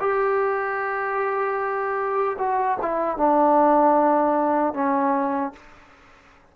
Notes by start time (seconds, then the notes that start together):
0.00 G4
2.38 F#4
2.82 E4
3.17 D4
4.74 C#4